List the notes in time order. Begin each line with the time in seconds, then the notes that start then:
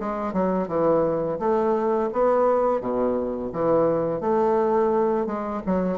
0.00 G#3
0.33 F#3
0.68 E3
1.39 A3
2.13 B3
2.81 B2
3.53 E3
4.21 A3
5.26 G#3
5.67 F#3